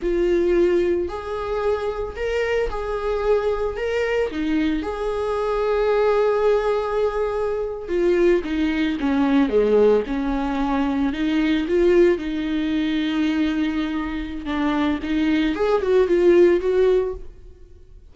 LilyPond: \new Staff \with { instrumentName = "viola" } { \time 4/4 \tempo 4 = 112 f'2 gis'2 | ais'4 gis'2 ais'4 | dis'4 gis'2.~ | gis'2~ gis'8. f'4 dis'16~ |
dis'8. cis'4 gis4 cis'4~ cis'16~ | cis'8. dis'4 f'4 dis'4~ dis'16~ | dis'2. d'4 | dis'4 gis'8 fis'8 f'4 fis'4 | }